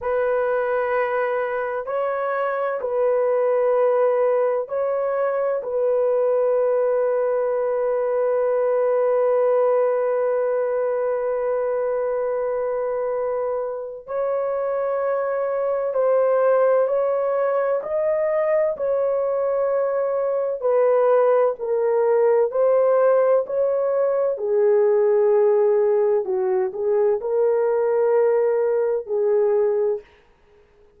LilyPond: \new Staff \with { instrumentName = "horn" } { \time 4/4 \tempo 4 = 64 b'2 cis''4 b'4~ | b'4 cis''4 b'2~ | b'1~ | b'2. cis''4~ |
cis''4 c''4 cis''4 dis''4 | cis''2 b'4 ais'4 | c''4 cis''4 gis'2 | fis'8 gis'8 ais'2 gis'4 | }